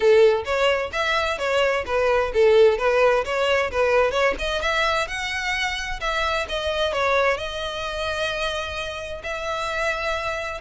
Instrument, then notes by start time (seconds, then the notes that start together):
violin
0.00 A4
0.44 C#5
0.92 E5
1.38 C#5
1.85 B4
2.33 A4
2.78 B4
3.24 C#5
3.71 B4
4.11 C#5
4.38 D#5
4.61 E5
5.07 F#5
6.00 E5
6.48 D#5
6.93 C#5
7.37 D#5
9.23 E5